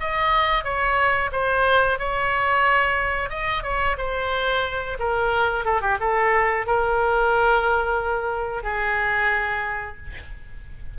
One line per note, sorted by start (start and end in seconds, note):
0.00 0.64 D#5
0.64 1.30 C#5
1.32 1.98 C5
1.99 3.29 C#5
3.29 3.63 D#5
3.63 3.96 C#5
3.97 4.97 C5
4.99 5.65 A#4
5.65 5.81 A4
5.81 5.98 G4
6.00 6.66 A4
6.66 8.63 A#4
8.63 9.96 G#4